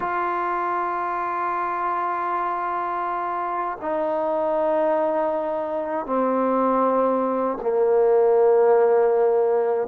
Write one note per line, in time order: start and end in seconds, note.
0.00 3.78 F4
3.81 6.06 D#4
6.06 7.57 C4
7.62 9.87 A#3